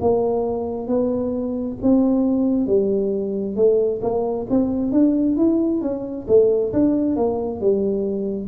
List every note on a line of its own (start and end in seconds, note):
0.00 0.87 A#3
0.87 1.77 B3
1.82 2.66 C4
2.66 3.55 G3
3.55 4.00 A3
4.02 4.47 A#3
4.49 4.91 C4
4.91 5.36 D4
5.36 5.81 E4
5.81 6.26 C#4
6.28 6.72 A3
6.72 7.16 D4
7.16 7.60 A#3
7.60 8.47 G3